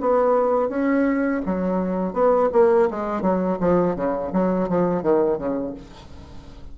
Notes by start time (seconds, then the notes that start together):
0.00 B3
0.69 C#4
1.45 F#3
2.13 B3
2.52 A#3
2.90 G#3
3.21 F#3
3.59 F3
3.95 C#3
4.32 F#3
4.69 F3
5.02 D#3
5.38 C#3